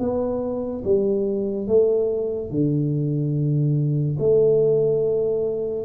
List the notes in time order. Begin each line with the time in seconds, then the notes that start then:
0.00 B3
0.84 G3
1.68 A3
2.51 D3
4.19 A3